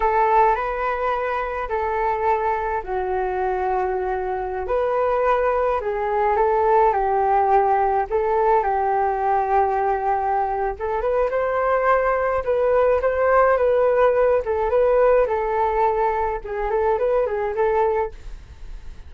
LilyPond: \new Staff \with { instrumentName = "flute" } { \time 4/4 \tempo 4 = 106 a'4 b'2 a'4~ | a'4 fis'2.~ | fis'16 b'2 gis'4 a'8.~ | a'16 g'2 a'4 g'8.~ |
g'2. a'8 b'8 | c''2 b'4 c''4 | b'4. a'8 b'4 a'4~ | a'4 gis'8 a'8 b'8 gis'8 a'4 | }